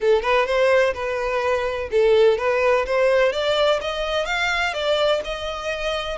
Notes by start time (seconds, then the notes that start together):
0.00 A4
0.22 B4
0.46 C5
0.94 B4
1.91 A4
2.38 B4
2.85 C5
3.32 D5
3.81 D#5
4.25 F5
4.73 D5
5.24 D#5